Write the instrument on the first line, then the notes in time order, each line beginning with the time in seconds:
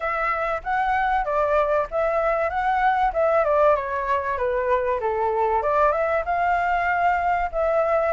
flute
0.00 E5
0.63 F#5
1.24 D5
1.91 E5
2.49 F#5
3.12 E5
3.44 D5
3.75 C#5
4.37 B4
5.00 A4
5.62 D5
5.92 E5
6.25 F5
7.51 E5